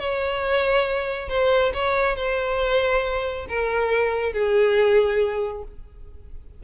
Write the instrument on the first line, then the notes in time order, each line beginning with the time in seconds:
violin
0.00 C#5
1.29 C5
1.74 C#5
2.16 C5
3.49 A#4
4.33 G#4